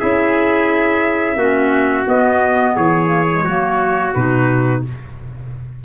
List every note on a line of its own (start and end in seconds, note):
0.00 1.36 C#4
0.00 1.38 E4
0.00 1.38 G#4
0.00 2.07 E5
1.36 2.05 A#3
1.36 2.06 C#4
1.36 2.75 F#4
2.06 3.07 B3
2.06 2.76 B3
2.06 2.77 D#5
2.75 3.45 E3
2.75 3.44 G#4
2.75 4.15 C#5
3.07 3.24 A#3
3.31 3.48 G#3
3.44 4.14 F#3
3.44 4.15 A#3
3.44 4.82 F#4
4.15 4.85 B2
4.15 4.84 D#4
4.15 4.83 B4